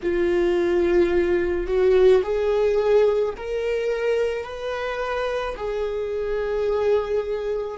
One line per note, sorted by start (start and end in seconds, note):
0.02 1.67 F4
1.67 2.22 F#4
2.23 3.34 G#4
3.37 4.44 A#4
4.44 5.55 B4
5.56 7.77 G#4